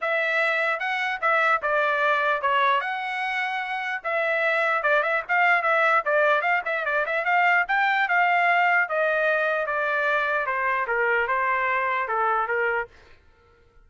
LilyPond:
\new Staff \with { instrumentName = "trumpet" } { \time 4/4 \tempo 4 = 149 e''2 fis''4 e''4 | d''2 cis''4 fis''4~ | fis''2 e''2 | d''8 e''8 f''4 e''4 d''4 |
f''8 e''8 d''8 e''8 f''4 g''4 | f''2 dis''2 | d''2 c''4 ais'4 | c''2 a'4 ais'4 | }